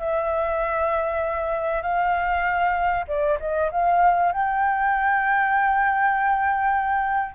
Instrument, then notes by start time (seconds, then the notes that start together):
flute
0.00 E5
1.82 F5
3.08 D5
3.40 D#5
3.71 F5
4.32 G5